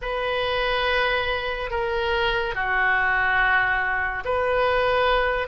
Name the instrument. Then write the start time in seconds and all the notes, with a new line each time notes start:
oboe
0.01 B4
1.70 A#4
2.54 F#4
4.24 B4